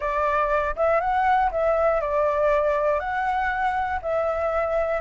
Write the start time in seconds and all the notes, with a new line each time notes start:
0.00 D5
0.76 E5
1.00 F#5
1.51 E5
2.00 D5
2.99 F#5
4.02 E5